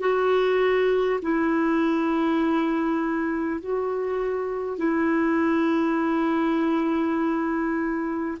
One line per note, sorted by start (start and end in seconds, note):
0.00 1.20 F#4
1.22 3.60 E4
3.60 4.77 F#4
4.77 8.37 E4